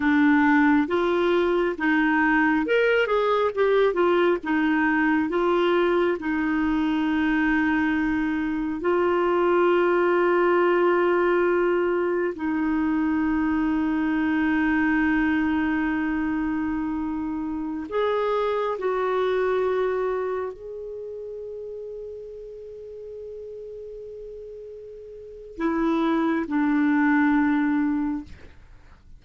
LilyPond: \new Staff \with { instrumentName = "clarinet" } { \time 4/4 \tempo 4 = 68 d'4 f'4 dis'4 ais'8 gis'8 | g'8 f'8 dis'4 f'4 dis'4~ | dis'2 f'2~ | f'2 dis'2~ |
dis'1~ | dis'16 gis'4 fis'2 gis'8.~ | gis'1~ | gis'4 e'4 d'2 | }